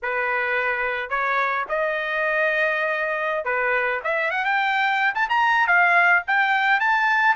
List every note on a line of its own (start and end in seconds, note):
0.02 1.09 B4
1.09 1.65 C#5
1.68 3.44 D#5
3.44 4.00 B4
4.04 4.31 E5
4.31 4.44 F#5
4.44 5.14 G5
5.14 5.28 A5
5.29 5.67 A#5
5.67 6.22 F5
6.27 6.80 G5
6.80 7.35 A5